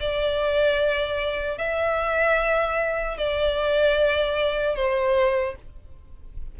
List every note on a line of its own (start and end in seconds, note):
0.00 1.58 D5
1.58 3.17 E5
3.17 4.75 D5
4.75 5.55 C5